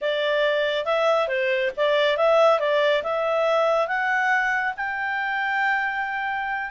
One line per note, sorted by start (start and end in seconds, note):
0.01 0.85 D5
0.85 1.27 E5
1.27 1.71 C5
1.76 2.17 D5
2.17 2.59 E5
2.59 3.02 D5
3.03 3.87 E5
3.87 4.74 F#5
4.77 6.70 G5